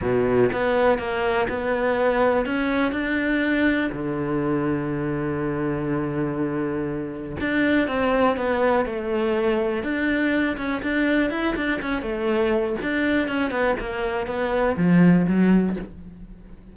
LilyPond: \new Staff \with { instrumentName = "cello" } { \time 4/4 \tempo 4 = 122 b,4 b4 ais4 b4~ | b4 cis'4 d'2 | d1~ | d2. d'4 |
c'4 b4 a2 | d'4. cis'8 d'4 e'8 d'8 | cis'8 a4. d'4 cis'8 b8 | ais4 b4 f4 fis4 | }